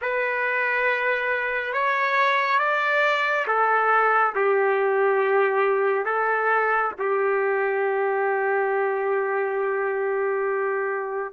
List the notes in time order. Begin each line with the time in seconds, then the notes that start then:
0.01 B4
1.73 C#5
2.58 D5
3.47 A4
4.35 G4
6.05 A4
6.98 G4